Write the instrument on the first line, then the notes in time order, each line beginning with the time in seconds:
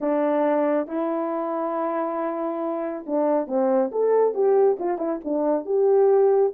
horn
0.00 D4
0.87 E4
3.06 D4
3.47 C4
3.91 A4
4.34 G4
4.79 F4
4.98 E4
5.24 D4
5.65 G4